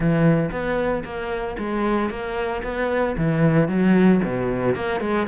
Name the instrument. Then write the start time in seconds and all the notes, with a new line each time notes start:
cello
0.00 E3
0.51 B3
1.04 A#3
1.58 G#3
2.10 A#3
2.63 B3
3.17 E3
3.68 F#3
4.23 B2
4.75 A#3
5.00 G#3